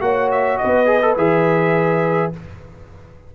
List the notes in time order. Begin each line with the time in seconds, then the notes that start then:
0.00 A#3 F#4 C#5 F#5
0.31 E5
0.57 B4 D#5
0.63 B3
0.86 G#4
1.02 A4
1.16 E3 G#4 E5